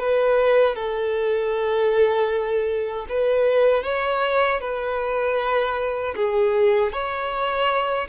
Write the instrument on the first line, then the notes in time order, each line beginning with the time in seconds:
violin
0.00 B4
0.76 A4
3.09 B4
3.84 C#5
4.61 B4
6.16 G#4
6.93 C#5